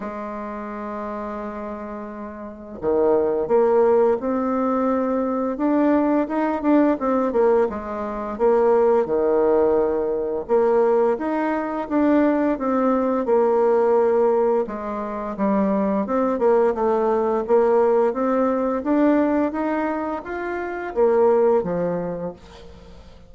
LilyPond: \new Staff \with { instrumentName = "bassoon" } { \time 4/4 \tempo 4 = 86 gis1 | dis4 ais4 c'2 | d'4 dis'8 d'8 c'8 ais8 gis4 | ais4 dis2 ais4 |
dis'4 d'4 c'4 ais4~ | ais4 gis4 g4 c'8 ais8 | a4 ais4 c'4 d'4 | dis'4 f'4 ais4 f4 | }